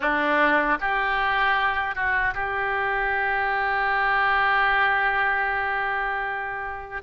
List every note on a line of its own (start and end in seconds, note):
0.00 0.78 D4
0.80 1.95 G4
1.95 2.34 F#4
2.34 7.02 G4